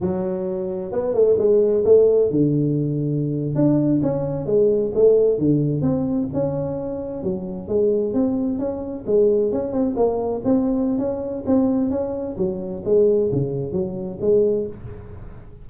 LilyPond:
\new Staff \with { instrumentName = "tuba" } { \time 4/4 \tempo 4 = 131 fis2 b8 a8 gis4 | a4 d2~ d8. d'16~ | d'8. cis'4 gis4 a4 d16~ | d8. c'4 cis'2 fis16~ |
fis8. gis4 c'4 cis'4 gis16~ | gis8. cis'8 c'8 ais4 c'4~ c'16 | cis'4 c'4 cis'4 fis4 | gis4 cis4 fis4 gis4 | }